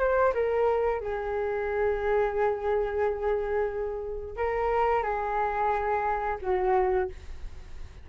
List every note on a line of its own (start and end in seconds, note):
0.00 0.34 C5
0.35 1.01 A#4
1.01 4.37 G#4
4.37 5.03 A#4
5.03 6.38 G#4
6.42 7.09 F#4